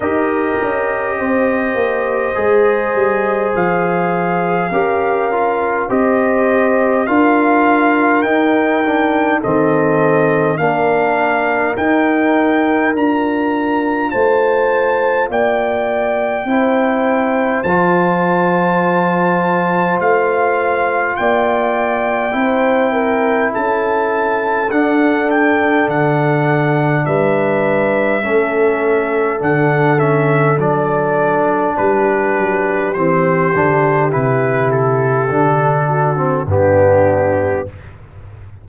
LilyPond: <<
  \new Staff \with { instrumentName = "trumpet" } { \time 4/4 \tempo 4 = 51 dis''2. f''4~ | f''4 dis''4 f''4 g''4 | dis''4 f''4 g''4 ais''4 | a''4 g''2 a''4~ |
a''4 f''4 g''2 | a''4 fis''8 g''8 fis''4 e''4~ | e''4 fis''8 e''8 d''4 b'4 | c''4 b'8 a'4. g'4 | }
  \new Staff \with { instrumentName = "horn" } { \time 4/4 ais'4 c''2. | ais'4 c''4 ais'2 | a'4 ais'2. | c''4 d''4 c''2~ |
c''2 d''4 c''8 ais'8 | a'2. b'4 | a'2. g'4~ | g'2~ g'8 fis'8 d'4 | }
  \new Staff \with { instrumentName = "trombone" } { \time 4/4 g'2 gis'2 | g'8 f'8 g'4 f'4 dis'8 d'8 | c'4 d'4 dis'4 f'4~ | f'2 e'4 f'4~ |
f'2. e'4~ | e'4 d'2. | cis'4 d'8 cis'8 d'2 | c'8 d'8 e'4 d'8. c'16 b4 | }
  \new Staff \with { instrumentName = "tuba" } { \time 4/4 dis'8 cis'8 c'8 ais8 gis8 g8 f4 | cis'4 c'4 d'4 dis'4 | dis4 ais4 dis'4 d'4 | a4 ais4 c'4 f4~ |
f4 a4 ais4 c'4 | cis'4 d'4 d4 g4 | a4 d4 fis4 g8 fis8 | e8 d8 c4 d4 g,4 | }
>>